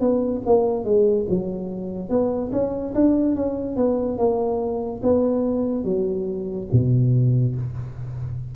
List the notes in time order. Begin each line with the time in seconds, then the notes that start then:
0.00 B3
0.45 A#3
0.84 G#3
1.29 F#3
2.09 B3
2.52 C#4
2.94 D4
3.35 C#4
3.76 B3
4.18 A#3
5.02 B3
5.84 F#3
6.72 B2